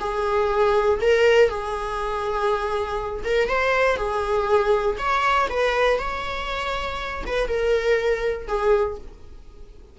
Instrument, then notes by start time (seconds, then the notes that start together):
viola
0.00 G#4
1.01 A#4
1.49 G#4
3.24 A#4
3.49 C5
3.97 G#4
4.98 C#5
5.50 B4
5.99 C#5
7.26 B4
7.48 A#4
8.47 G#4